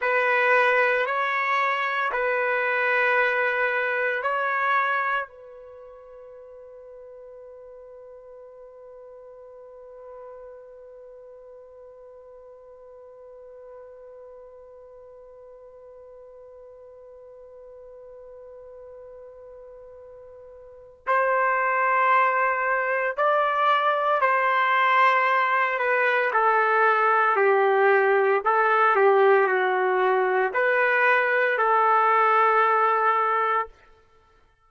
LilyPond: \new Staff \with { instrumentName = "trumpet" } { \time 4/4 \tempo 4 = 57 b'4 cis''4 b'2 | cis''4 b'2.~ | b'1~ | b'1~ |
b'1 | c''2 d''4 c''4~ | c''8 b'8 a'4 g'4 a'8 g'8 | fis'4 b'4 a'2 | }